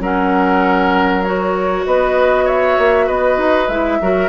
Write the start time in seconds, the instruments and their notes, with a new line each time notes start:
0.00 bassoon F#3, clarinet C#4, oboe A#4, flute F#5
1.24 clarinet F#4, flute C#5
1.86 bassoon B3, oboe B4, flute D#5
2.45 oboe C#5, flute E5
2.78 bassoon A#3
3.07 bassoon B3, oboe B4, flute D#5
3.38 bassoon D#4
3.69 bassoon G#3, clarinet E4, flute E5
4.01 bassoon F#3, clarinet F#4, oboe A#4